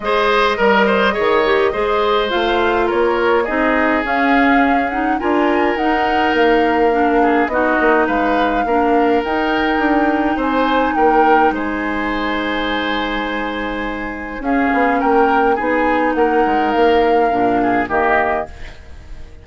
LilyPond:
<<
  \new Staff \with { instrumentName = "flute" } { \time 4/4 \tempo 4 = 104 dis''1 | f''4 cis''4 dis''4 f''4~ | f''8 fis''8 gis''4 fis''4 f''4~ | f''4 dis''4 f''2 |
g''2 gis''4 g''4 | gis''1~ | gis''4 f''4 g''4 gis''4 | fis''4 f''2 dis''4 | }
  \new Staff \with { instrumentName = "oboe" } { \time 4/4 c''4 ais'8 c''8 cis''4 c''4~ | c''4 ais'4 gis'2~ | gis'4 ais'2.~ | ais'8 gis'8 fis'4 b'4 ais'4~ |
ais'2 c''4 ais'4 | c''1~ | c''4 gis'4 ais'4 gis'4 | ais'2~ ais'8 gis'8 g'4 | }
  \new Staff \with { instrumentName = "clarinet" } { \time 4/4 gis'4 ais'4 gis'8 g'8 gis'4 | f'2 dis'4 cis'4~ | cis'8 dis'8 f'4 dis'2 | d'4 dis'2 d'4 |
dis'1~ | dis'1~ | dis'4 cis'2 dis'4~ | dis'2 d'4 ais4 | }
  \new Staff \with { instrumentName = "bassoon" } { \time 4/4 gis4 g4 dis4 gis4 | a4 ais4 c'4 cis'4~ | cis'4 d'4 dis'4 ais4~ | ais4 b8 ais8 gis4 ais4 |
dis'4 d'4 c'4 ais4 | gis1~ | gis4 cis'8 b8 ais4 b4 | ais8 gis8 ais4 ais,4 dis4 | }
>>